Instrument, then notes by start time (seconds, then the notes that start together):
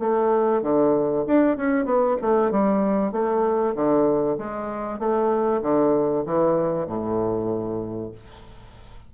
bassoon
0.00 A3
0.62 D3
1.27 D4
1.57 C#4
1.86 B3
2.22 A3
2.51 G3
3.12 A3
3.76 D3
4.38 G#3
4.99 A3
5.62 D3
6.26 E3
6.87 A2